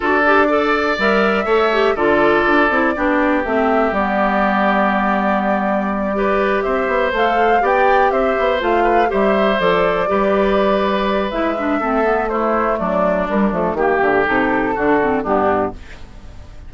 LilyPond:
<<
  \new Staff \with { instrumentName = "flute" } { \time 4/4 \tempo 4 = 122 d''2 e''2 | d''2. e''4 | d''1~ | d''4. e''4 f''4 g''8~ |
g''8 e''4 f''4 e''4 d''8~ | d''2. e''4~ | e''4 c''4 d''4 ais'8 a'8 | g'4 a'2 g'4 | }
  \new Staff \with { instrumentName = "oboe" } { \time 4/4 a'4 d''2 cis''4 | a'2 g'2~ | g'1~ | g'8 b'4 c''2 d''8~ |
d''8 c''4. b'8 c''4.~ | c''8 b'2.~ b'8 | a'4 e'4 d'2 | g'2 fis'4 d'4 | }
  \new Staff \with { instrumentName = "clarinet" } { \time 4/4 fis'8 g'8 a'4 ais'4 a'8 g'8 | f'4. e'8 d'4 c'4 | b1~ | b8 g'2 a'4 g'8~ |
g'4. f'4 g'4 a'8~ | a'8 g'2~ g'8 e'8 d'8 | c'8 b8 a2 g8 a8 | ais4 dis'4 d'8 c'8 b4 | }
  \new Staff \with { instrumentName = "bassoon" } { \time 4/4 d'2 g4 a4 | d4 d'8 c'8 b4 a4 | g1~ | g4. c'8 b8 a4 b8~ |
b8 c'8 b8 a4 g4 f8~ | f8 g2~ g8 gis4 | a2 fis4 g8 f8 | dis8 d8 c4 d4 g,4 | }
>>